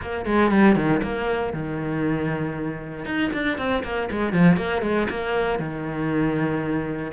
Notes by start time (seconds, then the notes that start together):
0.01 A#3
0.25 G#3
0.51 G3
0.75 D#3
1.02 A#3
1.53 D#3
3.05 D#4
3.33 D4
3.58 C4
3.83 A#3
4.10 G#3
4.32 F3
4.56 A#3
4.82 G#3
5.10 A#3
5.59 D#3